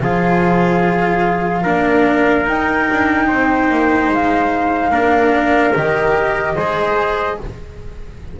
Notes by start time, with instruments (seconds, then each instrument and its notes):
0.00 double bass F3, cello F4, trumpet G#4, flute F5
1.62 double bass A#3, cello D4, trumpet A#4
2.45 cello D#4, double bass D#4, flute G5
2.91 double bass D4
3.27 double bass C4, trumpet C5
3.70 double bass A#3
4.09 double bass G#3, flute F5
4.91 double bass A#3, cello D4, trumpet A#4
5.74 double bass D#3, cello G4, flute D#5
6.56 double bass G#3, cello G#4, trumpet C5